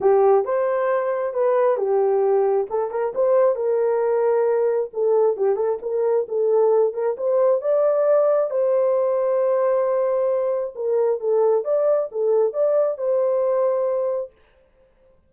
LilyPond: \new Staff \with { instrumentName = "horn" } { \time 4/4 \tempo 4 = 134 g'4 c''2 b'4 | g'2 a'8 ais'8 c''4 | ais'2. a'4 | g'8 a'8 ais'4 a'4. ais'8 |
c''4 d''2 c''4~ | c''1 | ais'4 a'4 d''4 a'4 | d''4 c''2. | }